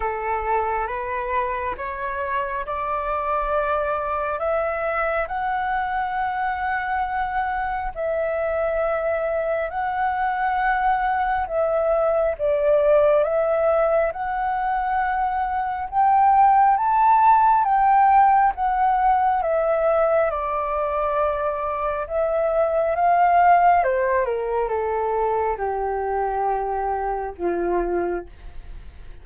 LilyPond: \new Staff \with { instrumentName = "flute" } { \time 4/4 \tempo 4 = 68 a'4 b'4 cis''4 d''4~ | d''4 e''4 fis''2~ | fis''4 e''2 fis''4~ | fis''4 e''4 d''4 e''4 |
fis''2 g''4 a''4 | g''4 fis''4 e''4 d''4~ | d''4 e''4 f''4 c''8 ais'8 | a'4 g'2 f'4 | }